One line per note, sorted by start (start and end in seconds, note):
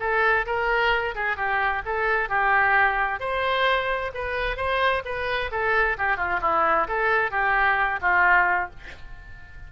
0.00 0.46 A4
0.46 1.15 A#4
1.15 1.36 G#4
1.36 1.82 G4
1.85 2.29 A4
2.29 3.20 G4
3.20 4.12 C5
4.14 4.57 B4
4.57 5.03 C5
5.05 5.51 B4
5.51 5.97 A4
5.98 6.17 G4
6.17 6.40 F4
6.42 6.87 E4
6.88 7.31 A4
7.31 8.00 G4
8.01 8.70 F4